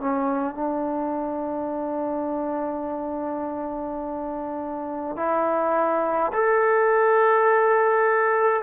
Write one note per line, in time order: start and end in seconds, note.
0.00 0.55 C#4
0.55 5.16 D4
5.16 6.31 E4
6.33 8.62 A4